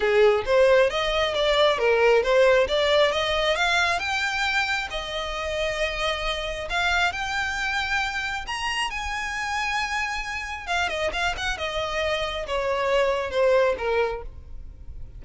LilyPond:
\new Staff \with { instrumentName = "violin" } { \time 4/4 \tempo 4 = 135 gis'4 c''4 dis''4 d''4 | ais'4 c''4 d''4 dis''4 | f''4 g''2 dis''4~ | dis''2. f''4 |
g''2. ais''4 | gis''1 | f''8 dis''8 f''8 fis''8 dis''2 | cis''2 c''4 ais'4 | }